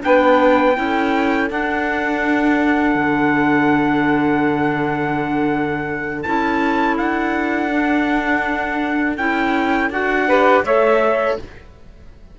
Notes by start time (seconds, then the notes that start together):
0.00 B3 D4 B4 G5
0.75 C#4 E4 A4
1.49 D4 F#5
2.95 D3
6.22 C#4 E4 A5
6.98 D4 F#5
7.70 D4
9.17 C#4 E4 G5
9.89 D4 F#4 F#5
10.27 G4 B4
10.64 A3 A4 C#5 E5